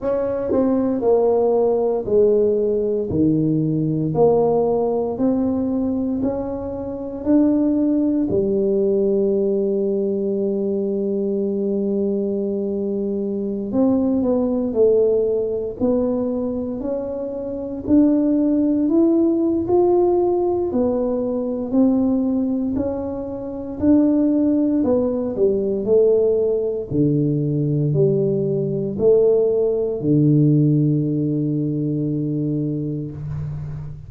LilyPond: \new Staff \with { instrumentName = "tuba" } { \time 4/4 \tempo 4 = 58 cis'8 c'8 ais4 gis4 dis4 | ais4 c'4 cis'4 d'4 | g1~ | g4~ g16 c'8 b8 a4 b8.~ |
b16 cis'4 d'4 e'8. f'4 | b4 c'4 cis'4 d'4 | b8 g8 a4 d4 g4 | a4 d2. | }